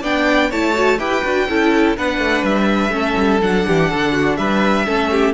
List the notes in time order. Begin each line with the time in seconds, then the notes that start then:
0.00 B3 D4 D5 G5
0.50 A3 E4 C#5 A5
0.74 F#4
0.99 E4 G4 B4 G5
1.24 D4 F#4
1.49 C#4 E4 A4
1.96 B3 D4 B4 F#5
2.18 A3
2.43 G3 E5
2.89 A3 C#4
2.95 A4
3.17 G3
3.42 F#3 D4 F#5
3.67 E3 G4
3.90 D3 A4
4.12 F#4
4.36 G3 B4 E5
4.86 A3 C#4 A4
5.10 G4